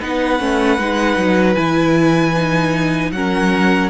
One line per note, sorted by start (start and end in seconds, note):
0.00 0.40 B3
0.00 0.39 D#4
0.00 3.12 B4
0.00 1.55 F#5
0.39 0.79 A3
0.39 0.78 C#4
0.79 1.17 G#3
0.79 1.56 D#4
1.17 1.56 F#3
1.55 3.12 E3
1.55 2.33 E4
1.55 3.11 G#5
2.36 3.14 D#4
3.12 3.89 F#3
3.12 3.90 C#4
3.12 3.90 A#4
3.12 3.90 F#5